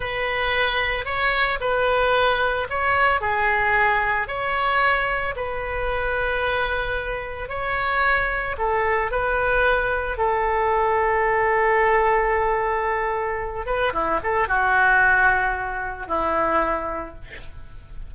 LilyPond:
\new Staff \with { instrumentName = "oboe" } { \time 4/4 \tempo 4 = 112 b'2 cis''4 b'4~ | b'4 cis''4 gis'2 | cis''2 b'2~ | b'2 cis''2 |
a'4 b'2 a'4~ | a'1~ | a'4. b'8 e'8 a'8 fis'4~ | fis'2 e'2 | }